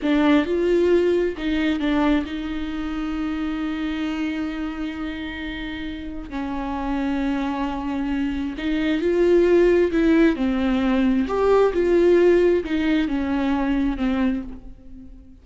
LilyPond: \new Staff \with { instrumentName = "viola" } { \time 4/4 \tempo 4 = 133 d'4 f'2 dis'4 | d'4 dis'2.~ | dis'1~ | dis'2 cis'2~ |
cis'2. dis'4 | f'2 e'4 c'4~ | c'4 g'4 f'2 | dis'4 cis'2 c'4 | }